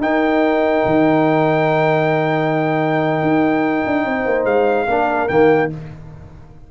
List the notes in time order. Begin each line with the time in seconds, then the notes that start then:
0.00 D#4 A#4 G5
0.85 D#3
3.21 D#4
3.86 D4
4.05 C4 C5
4.25 A#3
4.45 G#3 F5
4.86 A#3 D4 A#4
5.28 D#3 A#3 G5